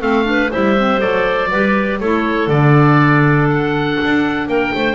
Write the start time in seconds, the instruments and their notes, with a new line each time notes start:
0.00 double bass A3, clarinet C4 A4, oboe F5
0.24 clarinet D4 B4
0.51 double bass G3, clarinet E4 C5, oboe E5
0.77 clarinet C4
0.99 double bass F#3, clarinet A4, oboe D5
1.50 double bass G3, clarinet G4 B4
2.00 double bass A3, clarinet E4 A4, oboe C#5
2.48 double bass D3, clarinet D4, oboe D5
3.50 oboe F#5
4.04 double bass D4
4.47 double bass A#3, clarinet A#4, oboe G5
4.75 double bass A3, clarinet C5